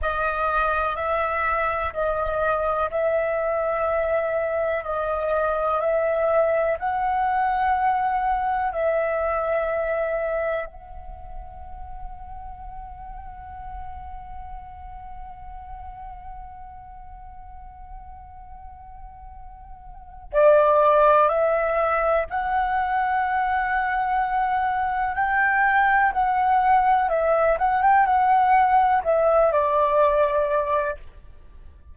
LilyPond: \new Staff \with { instrumentName = "flute" } { \time 4/4 \tempo 4 = 62 dis''4 e''4 dis''4 e''4~ | e''4 dis''4 e''4 fis''4~ | fis''4 e''2 fis''4~ | fis''1~ |
fis''1~ | fis''4 d''4 e''4 fis''4~ | fis''2 g''4 fis''4 | e''8 fis''16 g''16 fis''4 e''8 d''4. | }